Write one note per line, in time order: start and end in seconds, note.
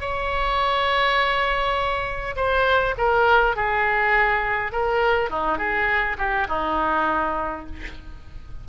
0.00 2.35 C#5
2.36 2.94 C5
2.98 3.56 A#4
3.56 4.72 G#4
4.72 5.30 A#4
5.30 5.58 D#4
5.58 6.17 G#4
6.18 6.47 G4
6.48 7.66 D#4